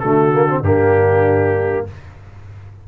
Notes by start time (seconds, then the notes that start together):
0.00 D3 A3 F#4 A4
0.32 A#3
0.48 C4
0.62 G2 A#3 D4 G4